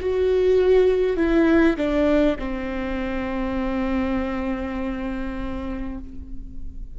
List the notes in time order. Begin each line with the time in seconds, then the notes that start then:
0.00 F#4
1.17 E4
1.77 D4
2.38 C4